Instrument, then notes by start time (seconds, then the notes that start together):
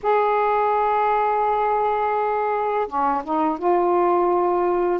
saxophone
0.02 G#4
2.87 C#4
3.23 D#4
3.58 F4